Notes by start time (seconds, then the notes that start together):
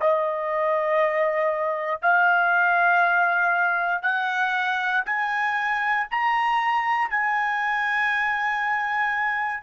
0.00 D#5
2.02 F5
4.02 F#5
5.06 G#5
6.11 A#5
7.10 G#5